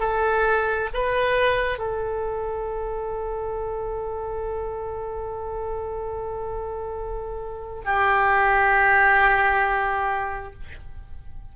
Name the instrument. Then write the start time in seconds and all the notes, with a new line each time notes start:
oboe
0.00 A4
0.94 B4
1.79 A4
7.85 G4